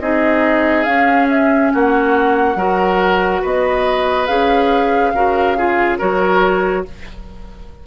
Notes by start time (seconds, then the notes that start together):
0.00 C4 D#4 G#4 D#5
0.84 C#4 F5
1.29 E5
1.73 A#3 F#4 F#5
2.56 F#3 F#4 A#4
3.42 B3 B4 D#5
4.27 C#4 G#4 F5
5.14 C#3 F#4 A#4
5.57 F4 G#4
5.99 F#3 F#4 A#4 C#5